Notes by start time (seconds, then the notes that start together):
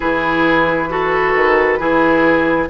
0.00 E3 E4 G#4 B4
0.89 F#4 A4
1.35 D#3
1.79 E3 E4 G#4